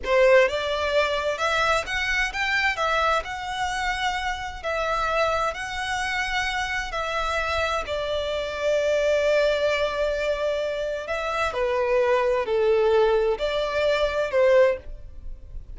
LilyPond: \new Staff \with { instrumentName = "violin" } { \time 4/4 \tempo 4 = 130 c''4 d''2 e''4 | fis''4 g''4 e''4 fis''4~ | fis''2 e''2 | fis''2. e''4~ |
e''4 d''2.~ | d''1 | e''4 b'2 a'4~ | a'4 d''2 c''4 | }